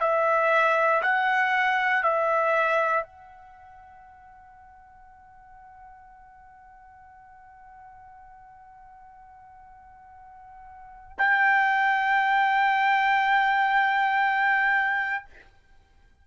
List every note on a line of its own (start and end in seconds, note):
0.00 1.02 E5
1.02 2.03 F#5
2.03 3.03 E5
3.03 11.17 F#5
11.18 15.25 G5